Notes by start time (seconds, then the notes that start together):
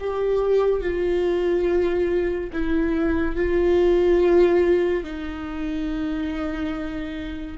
0.00 G4
0.81 F4
2.53 E4
3.36 F4
5.04 D#4